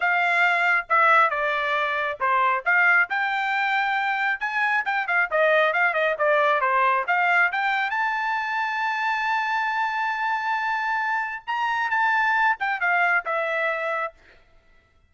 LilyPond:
\new Staff \with { instrumentName = "trumpet" } { \time 4/4 \tempo 4 = 136 f''2 e''4 d''4~ | d''4 c''4 f''4 g''4~ | g''2 gis''4 g''8 f''8 | dis''4 f''8 dis''8 d''4 c''4 |
f''4 g''4 a''2~ | a''1~ | a''2 ais''4 a''4~ | a''8 g''8 f''4 e''2 | }